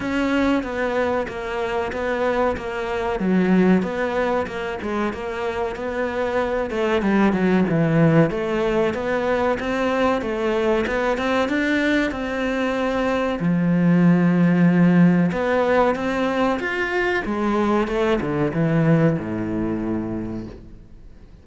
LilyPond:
\new Staff \with { instrumentName = "cello" } { \time 4/4 \tempo 4 = 94 cis'4 b4 ais4 b4 | ais4 fis4 b4 ais8 gis8 | ais4 b4. a8 g8 fis8 | e4 a4 b4 c'4 |
a4 b8 c'8 d'4 c'4~ | c'4 f2. | b4 c'4 f'4 gis4 | a8 d8 e4 a,2 | }